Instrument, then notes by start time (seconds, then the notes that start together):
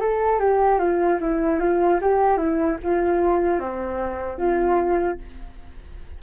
flute
0.00 A4
0.39 G4
0.79 F4
1.20 E4
1.59 F4
2.01 G4
2.37 E4
2.82 F4
3.59 C4
4.38 F4